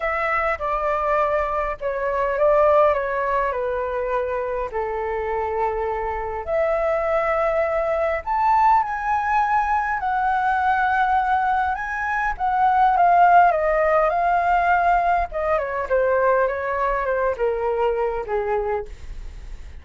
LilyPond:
\new Staff \with { instrumentName = "flute" } { \time 4/4 \tempo 4 = 102 e''4 d''2 cis''4 | d''4 cis''4 b'2 | a'2. e''4~ | e''2 a''4 gis''4~ |
gis''4 fis''2. | gis''4 fis''4 f''4 dis''4 | f''2 dis''8 cis''8 c''4 | cis''4 c''8 ais'4. gis'4 | }